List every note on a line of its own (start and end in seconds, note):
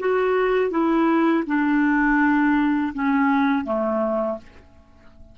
0.00 0.71 F#4
0.71 1.44 E4
1.47 2.94 D4
2.94 3.65 C#4
3.65 4.38 A3